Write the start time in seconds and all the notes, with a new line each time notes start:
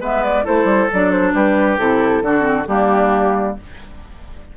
0.00 G#3 B3 B4 E5
0.24 D5
0.44 A3 E4 A4 C5
0.64 G3
0.92 F#3 D4 D5
1.11 C5
1.33 G3 G4 B4
1.78 C3 E4 A4
2.22 D3 D4 F#4
2.41 C4
2.67 G3 A#3 D4 G4